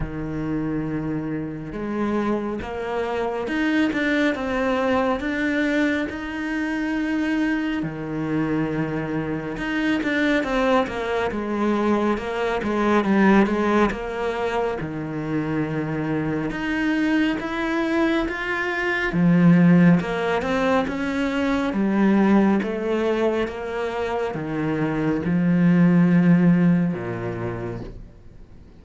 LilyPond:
\new Staff \with { instrumentName = "cello" } { \time 4/4 \tempo 4 = 69 dis2 gis4 ais4 | dis'8 d'8 c'4 d'4 dis'4~ | dis'4 dis2 dis'8 d'8 | c'8 ais8 gis4 ais8 gis8 g8 gis8 |
ais4 dis2 dis'4 | e'4 f'4 f4 ais8 c'8 | cis'4 g4 a4 ais4 | dis4 f2 ais,4 | }